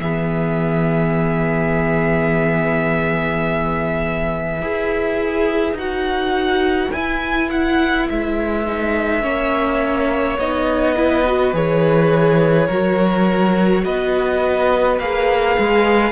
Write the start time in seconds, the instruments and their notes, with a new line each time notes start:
0.00 cello E3, viola B3, violin G#4 E5
4.62 cello E4, viola G#4, violin B4
5.72 cello D#4, viola F#4, violin F#5
6.91 cello E4, viola E4, violin G#5
7.50 violin F#5
8.09 cello G#3, violin E5
8.66 viola D#4
9.22 cello A#3, viola C#4, violin C#5
10.38 cello B3, viola D#4, violin D#5
10.96 viola E4, violin B4
11.25 viola F#4
11.53 cello E3, viola G#4, violin C#5
12.67 cello F#3, viola F#4, violin A#4
13.85 cello B3, violin B4 D#5
14.99 cello A#3, viola G#4, violin F5
15.58 cello G#3